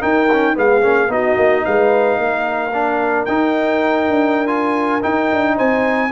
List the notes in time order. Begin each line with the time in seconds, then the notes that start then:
0.00 D#4 A#4 G5
0.32 C#4
0.54 G#3 B3 G#4 F5
0.81 A#3 C#4
1.09 B3 D#4 F#4 D#5
1.36 A#3
1.65 G#3 B4 F5
2.18 A#3 A#4
2.73 D4
3.25 D#4 G5
4.08 D4
4.47 F4 G#5
5.02 D#4 G5
5.31 D4
5.56 C4 C5 G#5